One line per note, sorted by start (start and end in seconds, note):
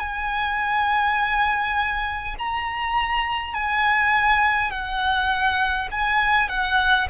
0.00 2.35 G#5
2.39 3.55 A#5
3.55 4.71 G#5
4.71 5.89 F#5
5.91 6.49 G#5
6.49 7.08 F#5